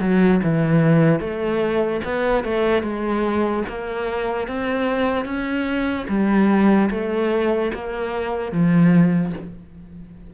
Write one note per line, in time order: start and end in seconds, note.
0.00 0.41 F#3
0.43 1.20 E3
1.20 2.01 A3
2.04 2.44 B3
2.44 2.82 A3
2.82 3.63 G#3
3.68 4.47 A#3
4.47 5.25 C4
5.25 6.06 C#4
6.08 6.90 G3
6.90 7.71 A3
7.74 8.52 A#3
8.52 9.33 F3